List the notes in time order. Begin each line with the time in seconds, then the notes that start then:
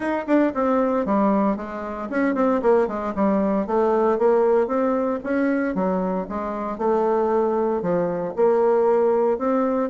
0.00 D#4
0.26 D4
0.54 C4
1.05 G3
1.56 G#3
2.09 C#4
2.35 C4
2.62 A#3
2.87 G#3
3.15 G3
3.66 A3
4.18 A#3
4.67 C4
5.23 C#4
5.74 F#3
6.28 G#3
6.78 A3
7.81 F3
8.35 A#3
9.38 C4